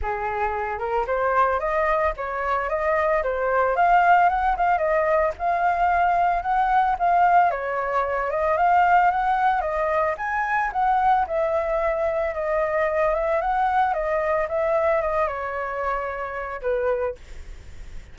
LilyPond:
\new Staff \with { instrumentName = "flute" } { \time 4/4 \tempo 4 = 112 gis'4. ais'8 c''4 dis''4 | cis''4 dis''4 c''4 f''4 | fis''8 f''8 dis''4 f''2 | fis''4 f''4 cis''4. dis''8 |
f''4 fis''4 dis''4 gis''4 | fis''4 e''2 dis''4~ | dis''8 e''8 fis''4 dis''4 e''4 | dis''8 cis''2~ cis''8 b'4 | }